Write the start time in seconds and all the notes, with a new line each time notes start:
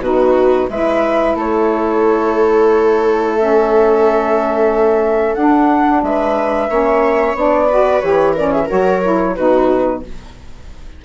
0.00 B2 D#4 F#4 B4
0.69 G#3 E4 B4 E5
1.35 A3 A4 C#5
3.35 C#4 E5
5.35 D4 F#5
6.03 G#3 B4 E5
6.69 A#3 C#4 C#5
7.35 B3 D4 D5
7.68 F#4 B4
8.01 E3 G4 C#5
8.34 C#4 A#4 D5
8.52 G#4 E5
8.65 F#4 A#4 C#5
8.71 F#3
9.03 E4
9.35 B2 D#4 F#4 B4